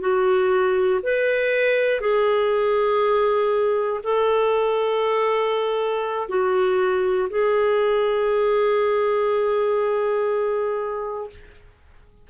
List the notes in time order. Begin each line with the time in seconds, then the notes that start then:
0.00 F#4
1.03 B4
2.00 G#4
4.03 A4
6.29 F#4
7.30 G#4